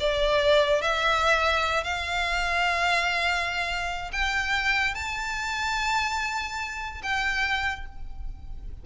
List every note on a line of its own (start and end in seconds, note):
0.00 0.82 D5
0.82 1.84 E5
1.84 4.11 F5
4.12 4.95 G5
4.95 7.02 A5
7.03 7.86 G5